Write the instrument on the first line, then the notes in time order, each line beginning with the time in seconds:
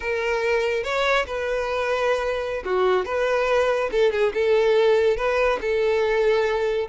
violin
0.00 A#4
0.83 C#5
1.26 B4
2.64 F#4
3.05 B4
3.91 A4
4.11 G#4
4.34 A4
5.16 B4
5.61 A4